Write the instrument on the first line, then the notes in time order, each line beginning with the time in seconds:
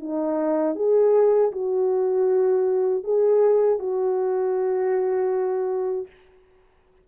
horn
0.00 D#4
0.75 G#4
1.52 F#4
3.04 G#4
3.79 F#4